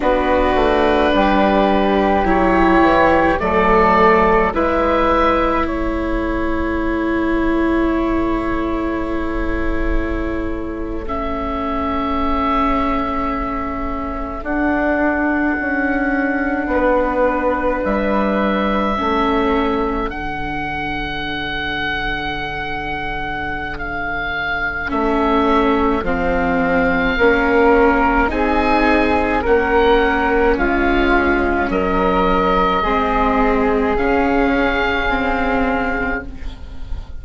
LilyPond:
<<
  \new Staff \with { instrumentName = "oboe" } { \time 4/4 \tempo 4 = 53 b'2 cis''4 d''4 | e''4 cis''2.~ | cis''4.~ cis''16 e''2~ e''16~ | e''8. fis''2. e''16~ |
e''4.~ e''16 fis''2~ fis''16~ | fis''4 f''4 e''4 f''4~ | f''4 gis''4 fis''4 f''4 | dis''2 f''2 | }
  \new Staff \with { instrumentName = "flute" } { \time 4/4 fis'4 g'2 a'4 | b'4 a'2.~ | a'1~ | a'2~ a'8. b'4~ b'16~ |
b'8. a'2.~ a'16~ | a'1 | ais'4 gis'4 ais'4 f'4 | ais'4 gis'2. | }
  \new Staff \with { instrumentName = "viola" } { \time 4/4 d'2 e'4 a4 | e'1~ | e'4.~ e'16 cis'2~ cis'16~ | cis'8. d'2.~ d'16~ |
d'8. cis'4 d'2~ d'16~ | d'2 cis'4 c'4 | cis'4 dis'4 cis'2~ | cis'4 c'4 cis'4 c'4 | }
  \new Staff \with { instrumentName = "bassoon" } { \time 4/4 b8 a8 g4 fis8 e8 fis4 | gis4 a2.~ | a1~ | a8. d'4 cis'4 b4 g16~ |
g8. a4 d2~ d16~ | d2 a4 f4 | ais4 c'4 ais4 gis4 | fis4 gis4 cis2 | }
>>